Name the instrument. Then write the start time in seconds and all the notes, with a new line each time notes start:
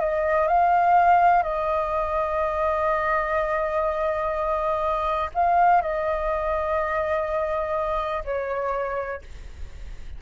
flute
0.00 D#5
0.48 F5
1.43 D#5
5.35 F5
5.82 D#5
8.25 C#5